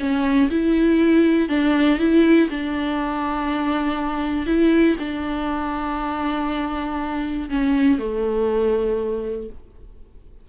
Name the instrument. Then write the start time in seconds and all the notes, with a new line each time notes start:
viola
0.00 C#4
0.51 E4
1.49 D4
1.99 E4
2.50 D4
4.47 E4
5.00 D4
7.50 C#4
7.99 A3